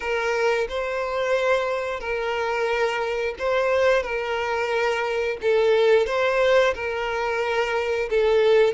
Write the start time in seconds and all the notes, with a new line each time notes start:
0.00 A#4
0.69 C5
1.99 A#4
3.38 C5
4.02 A#4
5.41 A4
6.06 C5
6.74 A#4
8.10 A4